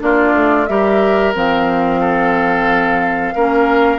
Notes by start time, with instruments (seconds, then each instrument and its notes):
0.00 bassoon A#3, clarinet D4, oboe F4, flute D5
0.34 bassoon A3
0.67 bassoon G3, clarinet G4, oboe A#4, flute E5
1.35 bassoon F3, clarinet C4, flute F5
2.01 oboe A4
3.36 bassoon A#3, clarinet C#4, oboe A#4